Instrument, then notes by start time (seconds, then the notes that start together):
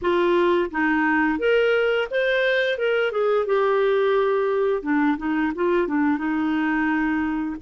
clarinet
0.01 F4
0.70 D#4
1.39 A#4
2.10 C5
2.78 A#4
3.11 G#4
3.46 G4
4.82 D4
5.17 D#4
5.55 F4
5.87 D4
6.18 D#4